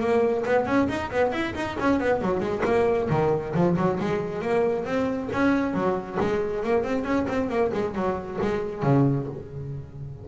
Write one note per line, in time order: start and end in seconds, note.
0.00 0.44 A#3
0.46 0.66 B3
0.66 0.88 C#4
0.89 1.11 D#4
1.11 1.33 B3
1.33 1.55 E4
1.55 1.77 D#4
1.80 2.00 C#4
2.00 2.22 B3
2.22 2.40 F#3
2.40 2.62 G#3
2.66 3.10 A#3
3.10 3.54 D#3
3.55 3.77 F3
3.77 3.99 F#3
4.00 4.42 G#3
4.42 4.85 A#3
4.85 5.29 C4
5.33 5.74 C#4
5.74 6.18 F#3
6.20 6.64 G#3
6.64 6.84 A#3
6.84 7.05 C4
7.05 7.27 C#4
7.29 7.50 C4
7.50 7.72 A#3
7.73 7.95 G#3
7.95 8.39 F#3
8.42 8.83 G#3
8.83 9.27 C#3